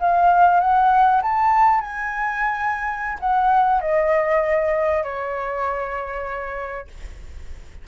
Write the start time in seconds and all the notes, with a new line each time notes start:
0.00 F5
0.60 F#5
1.22 A5
1.81 G#5
3.20 F#5
3.81 D#5
5.04 C#5